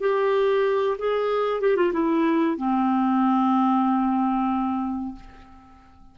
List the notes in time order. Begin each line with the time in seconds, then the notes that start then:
0.00 G4
0.98 G#4
1.61 G4
1.76 F4
1.93 E4
2.57 C4